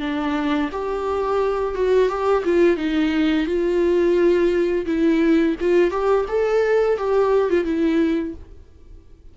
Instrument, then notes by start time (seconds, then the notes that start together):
viola
0.00 D4
0.72 G4
1.75 F#4
2.09 G4
2.45 F4
2.77 D#4
3.47 F4
4.86 E4
5.61 F4
5.91 G4
6.29 A4
6.98 G4
7.50 F4
7.65 E4